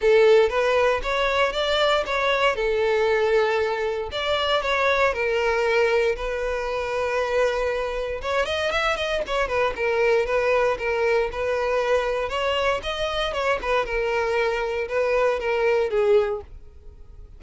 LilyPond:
\new Staff \with { instrumentName = "violin" } { \time 4/4 \tempo 4 = 117 a'4 b'4 cis''4 d''4 | cis''4 a'2. | d''4 cis''4 ais'2 | b'1 |
cis''8 dis''8 e''8 dis''8 cis''8 b'8 ais'4 | b'4 ais'4 b'2 | cis''4 dis''4 cis''8 b'8 ais'4~ | ais'4 b'4 ais'4 gis'4 | }